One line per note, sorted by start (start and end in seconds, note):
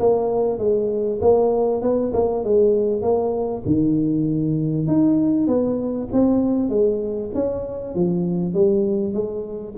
0.00 0.59 A#3
0.59 1.20 G#3
1.22 1.82 A#3
1.82 2.13 B3
2.14 2.44 A#3
2.45 3.03 G#3
3.03 3.64 A#3
3.66 4.88 D#3
4.88 5.48 D#4
5.48 6.09 B3
6.13 6.70 C4
6.70 7.31 G#3
7.35 7.95 C#4
7.95 8.54 F3
8.54 9.14 G3
9.14 9.75 G#3